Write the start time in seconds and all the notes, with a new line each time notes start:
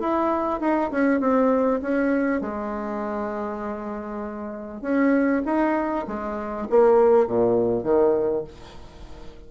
0.00 E4
0.60 D#4
0.91 C#4
1.20 C4
1.82 C#4
2.41 G#3
4.82 C#4
5.45 D#4
6.07 G#3
6.70 A#3
7.27 A#2
7.83 D#3